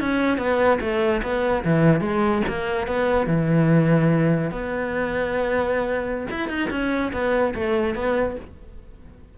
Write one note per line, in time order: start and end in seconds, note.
0.00 0.37 C#4
0.37 0.79 B3
0.80 1.22 A3
1.22 1.64 B3
1.64 2.01 E3
2.01 2.42 G#3
2.48 2.87 A#3
2.87 3.27 B3
3.27 4.51 E3
4.51 6.27 B3
6.30 6.48 E4
6.48 6.69 D#4
6.70 7.12 C#4
7.12 7.54 B3
7.55 7.95 A3
7.95 8.36 B3